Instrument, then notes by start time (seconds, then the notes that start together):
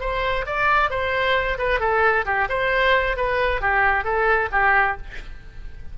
oboe
0.00 C5
0.46 D5
0.90 C5
1.58 B4
1.80 A4
2.25 G4
2.49 C5
3.16 B4
3.61 G4
4.04 A4
4.52 G4